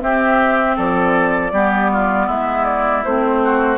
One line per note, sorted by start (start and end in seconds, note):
0.00 1.52 C4
0.00 0.78 C4
0.00 0.76 G4
0.00 0.78 E5
0.76 1.53 F3
0.76 1.52 A4
0.76 2.30 D5
1.53 2.28 G3
1.53 3.06 B3
1.53 1.91 G4
1.93 2.27 F4
2.27 3.04 G#3
2.27 3.41 E4
2.27 2.65 E5
2.65 3.03 D5
3.04 3.78 A3
3.04 3.78 C4
3.04 3.78 C5
3.44 3.78 F#4